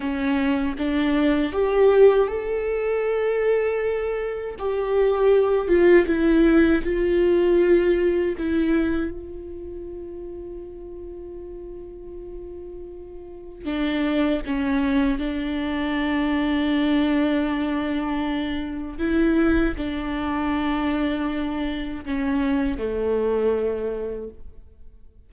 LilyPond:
\new Staff \with { instrumentName = "viola" } { \time 4/4 \tempo 4 = 79 cis'4 d'4 g'4 a'4~ | a'2 g'4. f'8 | e'4 f'2 e'4 | f'1~ |
f'2 d'4 cis'4 | d'1~ | d'4 e'4 d'2~ | d'4 cis'4 a2 | }